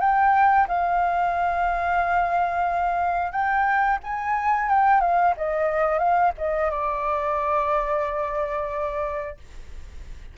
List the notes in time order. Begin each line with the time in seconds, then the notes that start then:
0.00 G5
0.68 F5
3.32 G5
4.03 G#5
4.69 G5
5.01 F5
5.37 D#5
5.98 F5
6.38 D#5
6.71 D5